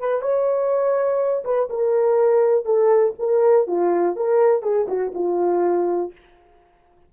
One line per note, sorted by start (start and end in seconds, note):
0.00 0.22 B4
0.22 1.44 C#5
1.45 1.69 B4
1.70 2.66 A#4
2.66 3.14 A4
3.19 3.68 A#4
3.68 4.16 F4
4.16 4.63 A#4
4.63 4.87 G#4
4.88 5.13 F#4
5.15 6.12 F4